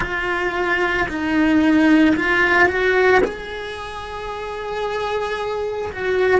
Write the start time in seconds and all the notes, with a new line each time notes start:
0.00 F4
1.08 D#4
2.16 F4
2.68 F#4
3.23 G#4
5.92 F#4